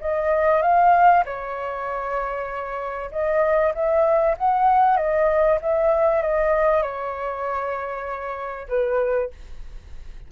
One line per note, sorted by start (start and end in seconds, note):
0.00 0.62 D#5
0.62 1.24 F5
1.25 3.11 C#5
3.11 3.73 D#5
3.74 4.36 E5
4.37 4.97 F#5
4.97 5.58 D#5
5.61 6.22 E5
6.22 6.82 D#5
6.82 8.68 C#5
8.68 9.30 B4